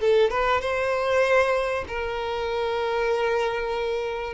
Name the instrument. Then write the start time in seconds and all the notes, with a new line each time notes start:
violin
0.00 A4
0.30 B4
0.61 C5
1.88 A#4